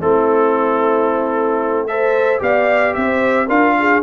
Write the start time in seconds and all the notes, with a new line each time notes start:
0.00 A3 C4 E4 A4
1.87 A4 C5 E5
2.39 B3 G4 D5 F5
2.95 C4 C5 E5
3.48 D4 F4 A#4 F5
3.80 G#4